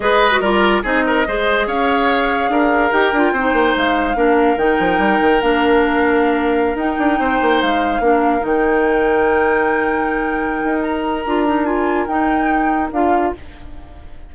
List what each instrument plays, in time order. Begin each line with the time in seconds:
0.00 bassoon G#3, clarinet G#4, oboe B4, flute D#5
0.31 clarinet F#4
0.40 bassoon G3, clarinet F4, oboe A#4, flute D5
0.82 bassoon C4, clarinet D#4, oboe G#4, flute D#5
1.06 oboe A#4
1.27 bassoon G#3, clarinet G#4, oboe C5
1.66 bassoon C#4, oboe C#5, flute F5
2.48 bassoon D4, oboe A#4
2.91 bassoon D#4, clarinet G4, flute G5
3.12 bassoon D4, clarinet F4
3.32 bassoon C4, clarinet D#4, oboe C5
3.52 bassoon A#3
3.76 bassoon G#3, flute F5
4.15 bassoon A#3, clarinet D4, oboe A#4
4.56 bassoon D#3, clarinet D#4, flute G5
4.79 bassoon F3
4.98 bassoon G3
5.20 bassoon D#3
5.41 bassoon A#3, clarinet D4, flute F5
6.74 bassoon D#4, clarinet D#4, flute G5
6.98 bassoon D4
7.19 bassoon C4, oboe C5
7.41 bassoon A#3
7.61 bassoon G#3, flute F5
7.99 bassoon A#3, clarinet D4, oboe A#4
8.40 bassoon D#3, clarinet D#4, flute G5
10.63 bassoon D#4
10.82 flute A#5
11.25 bassoon D4, clarinet F4
11.46 clarinet D#4
11.64 clarinet F4, flute G#5
12.06 bassoon D#4, clarinet D#4, flute G5
12.91 bassoon D4, clarinet F4, flute F5